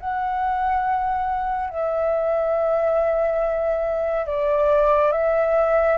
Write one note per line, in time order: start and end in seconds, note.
0.00 1.70 F#5
1.70 4.27 E5
4.27 5.12 D5
5.12 5.98 E5